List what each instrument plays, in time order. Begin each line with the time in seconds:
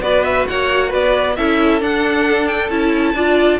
0.00 cello B3, viola F#4, violin B4 D5
0.24 violin E5
0.47 cello A#3, violin C#5 F#5
0.89 cello B3, violin B4 D5
1.36 cello C#4, viola E4, violin A4 E5
1.80 viola D4, cello D4, violin F#5
2.47 violin G5
2.69 cello C#4, viola E4, violin A5
3.14 cello D4, viola F4, violin D5